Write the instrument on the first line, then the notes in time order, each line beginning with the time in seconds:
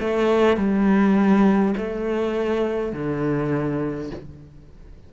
cello
0.00 A3
0.57 G3
1.78 A3
2.93 D3